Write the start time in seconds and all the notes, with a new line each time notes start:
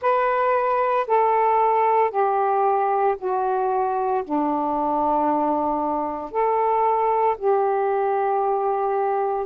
0.01 B4
1.07 A4
2.11 G4
3.18 F#4
4.23 D4
6.31 A4
7.37 G4